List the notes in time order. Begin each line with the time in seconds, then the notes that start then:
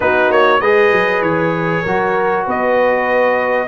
0.00 B3 D#4 F#4 B4
0.30 A#3 C#5
0.60 G#3 G#4 B4 D#5
0.91 F#3
1.21 E3 C#5
1.82 F#3 F#4 A#4
2.45 B3 B4 D#5